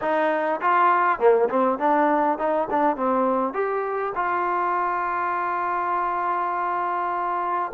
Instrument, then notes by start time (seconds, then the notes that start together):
trombone
0.01 D#4
0.61 F4
1.19 A#3
1.49 C4
1.78 D4
2.38 D#4
2.70 D4
2.96 C4
3.53 G4
4.15 F4